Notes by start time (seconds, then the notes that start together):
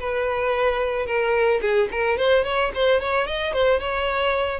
0.00 B4
1.06 A#4
1.61 G#4
1.91 A#4
2.18 C5
2.44 C#5
2.75 C5
3.00 C#5
3.27 D#5
3.53 C5
3.80 C#5